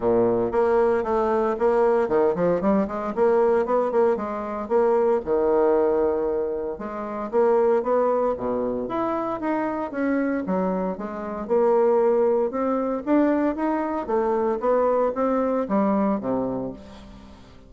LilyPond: \new Staff \with { instrumentName = "bassoon" } { \time 4/4 \tempo 4 = 115 ais,4 ais4 a4 ais4 | dis8 f8 g8 gis8 ais4 b8 ais8 | gis4 ais4 dis2~ | dis4 gis4 ais4 b4 |
b,4 e'4 dis'4 cis'4 | fis4 gis4 ais2 | c'4 d'4 dis'4 a4 | b4 c'4 g4 c4 | }